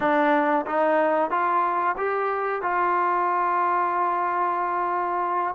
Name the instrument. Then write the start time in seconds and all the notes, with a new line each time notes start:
trombone
0.00 D4
0.66 D#4
1.30 F4
1.97 G4
2.61 F4